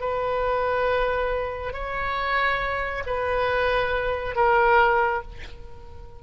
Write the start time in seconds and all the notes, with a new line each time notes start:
0.00 B4
1.73 C#5
3.06 B4
4.35 A#4